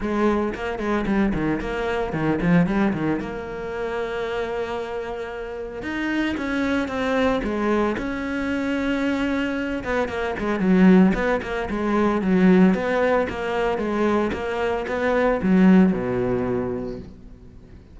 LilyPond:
\new Staff \with { instrumentName = "cello" } { \time 4/4 \tempo 4 = 113 gis4 ais8 gis8 g8 dis8 ais4 | dis8 f8 g8 dis8 ais2~ | ais2. dis'4 | cis'4 c'4 gis4 cis'4~ |
cis'2~ cis'8 b8 ais8 gis8 | fis4 b8 ais8 gis4 fis4 | b4 ais4 gis4 ais4 | b4 fis4 b,2 | }